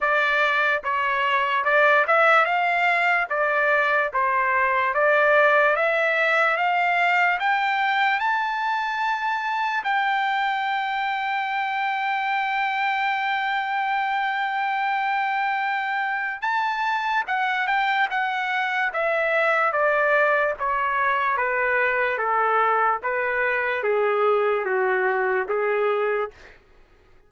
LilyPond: \new Staff \with { instrumentName = "trumpet" } { \time 4/4 \tempo 4 = 73 d''4 cis''4 d''8 e''8 f''4 | d''4 c''4 d''4 e''4 | f''4 g''4 a''2 | g''1~ |
g''1 | a''4 fis''8 g''8 fis''4 e''4 | d''4 cis''4 b'4 a'4 | b'4 gis'4 fis'4 gis'4 | }